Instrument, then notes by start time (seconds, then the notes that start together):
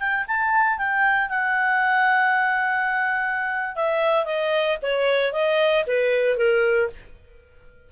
clarinet
0.00 G5
0.28 A5
0.78 G5
1.29 F#5
3.76 E5
4.26 D#5
4.83 C#5
5.33 D#5
5.87 B4
6.38 A#4